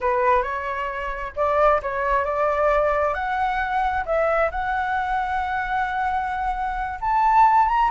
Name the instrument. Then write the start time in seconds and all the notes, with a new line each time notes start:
flute
0.00 B4
0.42 C#5
1.36 D5
1.82 C#5
2.24 D5
3.14 F#5
4.05 E5
4.51 F#5
7.00 A5
7.68 A#5